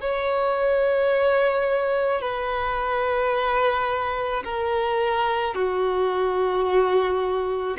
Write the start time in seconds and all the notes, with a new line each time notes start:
0.00 C#5
2.21 B4
4.44 A#4
5.55 F#4